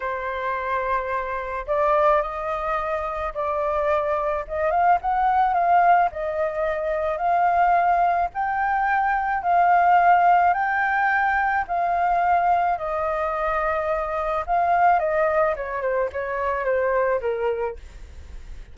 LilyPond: \new Staff \with { instrumentName = "flute" } { \time 4/4 \tempo 4 = 108 c''2. d''4 | dis''2 d''2 | dis''8 f''8 fis''4 f''4 dis''4~ | dis''4 f''2 g''4~ |
g''4 f''2 g''4~ | g''4 f''2 dis''4~ | dis''2 f''4 dis''4 | cis''8 c''8 cis''4 c''4 ais'4 | }